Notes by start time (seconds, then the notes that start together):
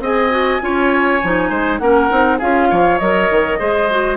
0.00 C4 G#4 D#5 G#5
0.31 F#4
0.61 C#4 F4 C#5
1.24 F3 D#4
1.49 G#3 C5
1.78 A#3 C#4 A#4 F#5
2.10 C4 D#4
2.38 C#4 F4 G#4 F5
2.70 F3 C#5
2.99 F#3 A#4 D#5
3.30 D#3
3.59 G#3 G#4 C5
3.91 F#4